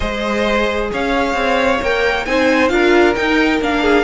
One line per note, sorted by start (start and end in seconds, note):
0.00 0.91 G#3
0.00 1.80 G#4
0.00 0.90 C5
0.00 0.89 D#5
0.91 1.34 C#4
0.91 2.27 C#5
0.91 1.83 F5
1.34 1.79 C4
1.81 2.26 A#3
1.81 2.26 A#4
1.81 2.25 G5
2.25 2.71 C4
2.25 2.69 D#4
2.25 2.72 C5
2.25 2.68 G#5
2.68 3.16 D4
2.68 3.14 F4
2.68 3.82 A#4
2.68 3.13 F5
3.15 3.61 D#4
3.15 3.60 G5
3.61 4.03 A#3
3.61 4.03 D4
3.61 4.03 F5
3.82 4.03 G#4